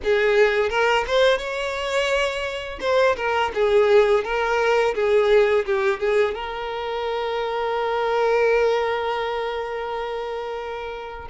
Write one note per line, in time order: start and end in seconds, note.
0.03 0.69 G#4
0.69 1.04 A#4
1.07 1.38 C5
1.38 2.79 C#5
2.80 3.15 C5
3.16 3.51 A#4
3.54 4.24 G#4
4.24 4.94 A#4
4.94 5.65 G#4
5.65 5.99 G4
5.99 6.34 G#4
6.34 11.28 A#4